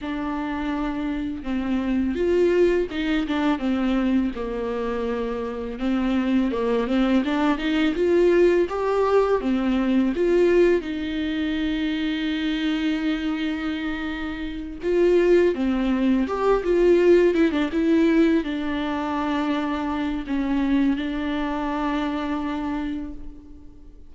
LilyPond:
\new Staff \with { instrumentName = "viola" } { \time 4/4 \tempo 4 = 83 d'2 c'4 f'4 | dis'8 d'8 c'4 ais2 | c'4 ais8 c'8 d'8 dis'8 f'4 | g'4 c'4 f'4 dis'4~ |
dis'1~ | dis'8 f'4 c'4 g'8 f'4 | e'16 d'16 e'4 d'2~ d'8 | cis'4 d'2. | }